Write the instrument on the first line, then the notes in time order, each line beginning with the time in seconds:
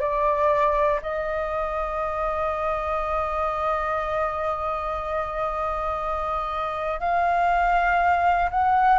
flute
0.00 D5
1.02 D#5
7.00 F5
8.50 F#5